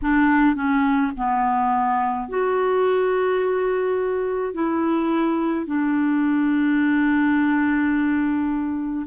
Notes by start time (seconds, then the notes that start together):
0.02 D4
0.55 C#4
1.16 B3
2.28 F#4
4.53 E4
5.66 D4